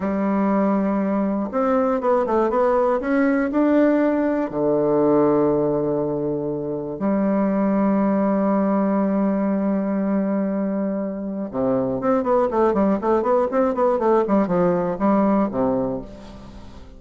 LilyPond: \new Staff \with { instrumentName = "bassoon" } { \time 4/4 \tempo 4 = 120 g2. c'4 | b8 a8 b4 cis'4 d'4~ | d'4 d2.~ | d2 g2~ |
g1~ | g2. c4 | c'8 b8 a8 g8 a8 b8 c'8 b8 | a8 g8 f4 g4 c4 | }